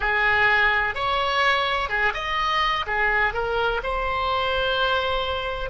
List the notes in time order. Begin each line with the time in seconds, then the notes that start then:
0.00 G#4
0.94 C#5
1.89 G#4
2.14 D#5
2.86 G#4
3.33 A#4
3.83 C5